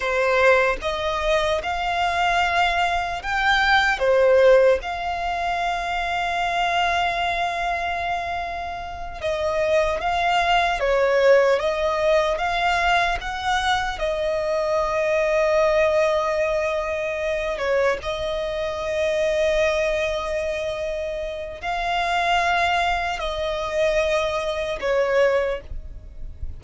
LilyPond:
\new Staff \with { instrumentName = "violin" } { \time 4/4 \tempo 4 = 75 c''4 dis''4 f''2 | g''4 c''4 f''2~ | f''2.~ f''8 dis''8~ | dis''8 f''4 cis''4 dis''4 f''8~ |
f''8 fis''4 dis''2~ dis''8~ | dis''2 cis''8 dis''4.~ | dis''2. f''4~ | f''4 dis''2 cis''4 | }